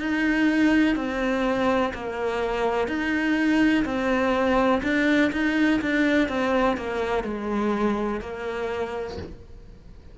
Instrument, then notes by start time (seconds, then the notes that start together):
cello
0.00 D#4
0.96 C4
1.94 A#3
2.88 D#4
3.85 C4
4.83 D4
5.32 D#4
5.82 D4
6.29 C4
6.77 A#3
7.24 G#3
8.21 A#3